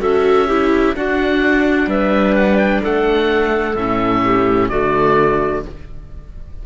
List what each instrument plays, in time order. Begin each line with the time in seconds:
0.00 cello C#4, viola F#4, clarinet A4, oboe E5
0.47 viola E4, clarinet G4
0.96 viola D4, cello D4, clarinet F#4, oboe F#5
1.87 cello G3, clarinet B4, oboe E5
2.36 oboe F#5
2.57 oboe G5
2.83 cello A3, clarinet A4, oboe F#5
3.76 cello A2, viola C#4, oboe E5
4.25 clarinet G4
4.69 cello D3, viola A3, clarinet F#4, oboe D5